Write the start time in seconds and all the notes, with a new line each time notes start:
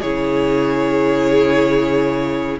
0.00 C#3 E4 G#4 C#5